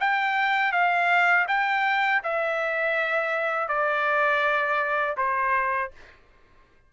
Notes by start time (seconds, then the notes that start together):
0.00 G5
0.72 F5
1.47 G5
2.23 E5
3.68 D5
5.17 C5